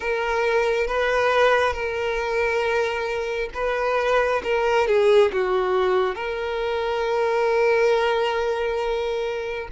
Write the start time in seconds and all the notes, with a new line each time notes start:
0.00 A#4
0.87 B4
1.72 A#4
3.53 B4
4.43 A#4
4.87 G#4
5.32 F#4
6.15 A#4